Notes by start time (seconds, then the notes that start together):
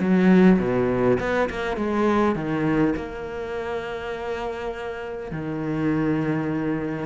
0.00 F#3
0.59 B2
1.20 B3
1.50 A#3
1.77 G#3
2.36 D#3
2.97 A#3
5.32 D#3